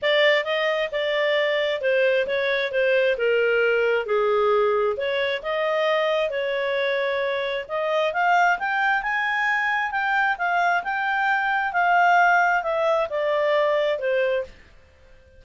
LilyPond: \new Staff \with { instrumentName = "clarinet" } { \time 4/4 \tempo 4 = 133 d''4 dis''4 d''2 | c''4 cis''4 c''4 ais'4~ | ais'4 gis'2 cis''4 | dis''2 cis''2~ |
cis''4 dis''4 f''4 g''4 | gis''2 g''4 f''4 | g''2 f''2 | e''4 d''2 c''4 | }